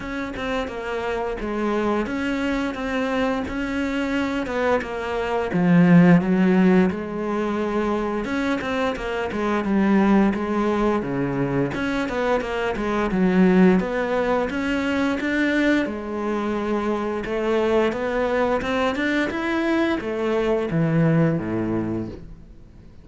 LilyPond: \new Staff \with { instrumentName = "cello" } { \time 4/4 \tempo 4 = 87 cis'8 c'8 ais4 gis4 cis'4 | c'4 cis'4. b8 ais4 | f4 fis4 gis2 | cis'8 c'8 ais8 gis8 g4 gis4 |
cis4 cis'8 b8 ais8 gis8 fis4 | b4 cis'4 d'4 gis4~ | gis4 a4 b4 c'8 d'8 | e'4 a4 e4 a,4 | }